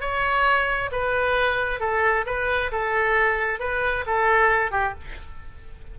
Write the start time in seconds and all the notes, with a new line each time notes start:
0.00 C#5
0.92 B4
1.80 A4
2.26 B4
2.71 A4
3.59 B4
4.06 A4
4.71 G4